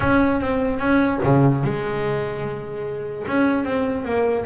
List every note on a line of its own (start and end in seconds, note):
0.00 0.40 C#4
0.40 0.79 C4
0.79 1.19 C#4
1.23 1.63 C#3
1.63 3.25 G#3
3.27 3.64 C#4
3.64 4.04 C4
4.04 4.45 A#3